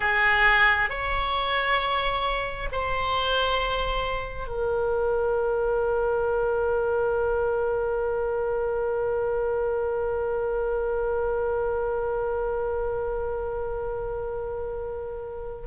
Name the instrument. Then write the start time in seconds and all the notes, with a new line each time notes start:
oboe
0.00 G#4
0.89 C#5
2.72 C5
4.47 A#4